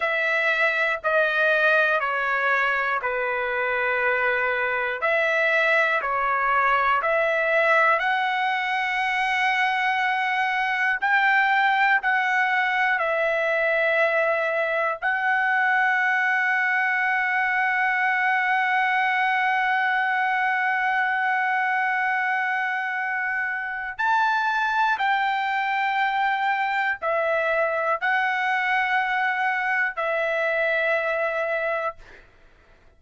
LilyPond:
\new Staff \with { instrumentName = "trumpet" } { \time 4/4 \tempo 4 = 60 e''4 dis''4 cis''4 b'4~ | b'4 e''4 cis''4 e''4 | fis''2. g''4 | fis''4 e''2 fis''4~ |
fis''1~ | fis''1 | a''4 g''2 e''4 | fis''2 e''2 | }